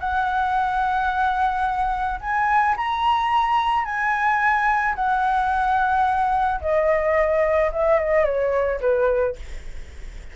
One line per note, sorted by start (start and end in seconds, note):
0.00 2.20 F#5
2.20 2.75 G#5
2.77 3.85 A#5
3.85 4.95 G#5
4.95 6.61 F#5
6.61 7.71 D#5
7.72 7.99 E5
7.99 8.25 D#5
8.25 8.80 C#5
8.81 9.36 B4